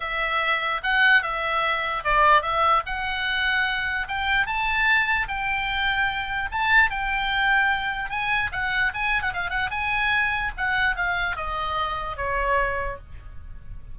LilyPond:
\new Staff \with { instrumentName = "oboe" } { \time 4/4 \tempo 4 = 148 e''2 fis''4 e''4~ | e''4 d''4 e''4 fis''4~ | fis''2 g''4 a''4~ | a''4 g''2. |
a''4 g''2. | gis''4 fis''4 gis''8. fis''16 f''8 fis''8 | gis''2 fis''4 f''4 | dis''2 cis''2 | }